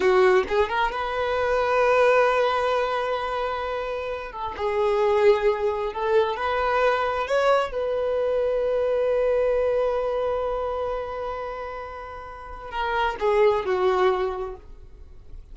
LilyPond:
\new Staff \with { instrumentName = "violin" } { \time 4/4 \tempo 4 = 132 fis'4 gis'8 ais'8 b'2~ | b'1~ | b'4. a'8 gis'2~ | gis'4 a'4 b'2 |
cis''4 b'2.~ | b'1~ | b'1 | ais'4 gis'4 fis'2 | }